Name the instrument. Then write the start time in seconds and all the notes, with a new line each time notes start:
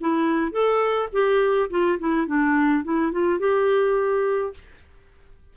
clarinet
0.00 E4
0.51 A4
1.12 G4
1.70 F4
1.99 E4
2.26 D4
2.84 E4
3.11 F4
3.39 G4